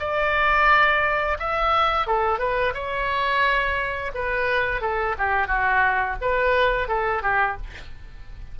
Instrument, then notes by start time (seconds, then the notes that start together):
oboe
0.00 D5
1.39 E5
2.07 A4
2.39 B4
2.74 C#5
4.15 B4
4.82 A4
5.18 G4
5.47 F#4
6.22 B4
6.88 A4
7.23 G4